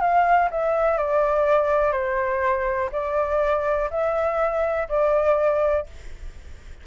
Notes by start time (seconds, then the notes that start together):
0.00 F5
0.50 E5
0.97 D5
1.92 C5
2.91 D5
3.90 E5
4.88 D5